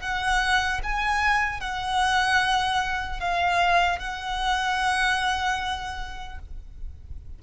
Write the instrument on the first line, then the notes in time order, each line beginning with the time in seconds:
violin
0.00 F#5
0.83 G#5
1.60 F#5
3.20 F5
3.99 F#5